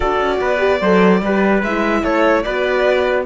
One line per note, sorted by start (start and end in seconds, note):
0.00 0.20 D4
0.00 0.58 F#4
0.00 0.38 A4
0.00 1.62 D5
0.20 0.40 C#4
0.40 0.81 B3
0.40 0.81 B4
0.58 0.79 G4
0.81 1.21 F#3
0.81 1.24 A4
0.81 1.22 C5
1.21 1.62 G3
1.21 1.65 G4
1.21 2.03 B4
1.62 2.03 G#3
1.62 2.45 E4
1.62 2.03 E5
2.03 2.45 A3
2.03 2.44 A4
2.03 2.43 C#5
2.43 3.26 B3
2.43 3.26 F#4
2.43 3.26 B4
2.43 3.24 D5